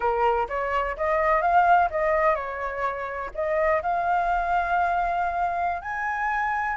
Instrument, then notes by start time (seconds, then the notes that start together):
flute
0.00 A#4
0.48 C#5
0.96 D#5
1.41 F5
1.90 D#5
2.35 C#5
3.34 D#5
3.82 F5
5.81 G#5